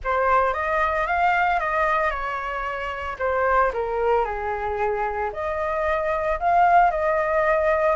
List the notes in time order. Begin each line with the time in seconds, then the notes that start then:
0.03 C5
0.53 D#5
1.06 F5
1.60 D#5
2.10 C#5
3.19 C5
3.73 A#4
4.24 G#4
5.32 D#5
6.39 F5
6.90 D#5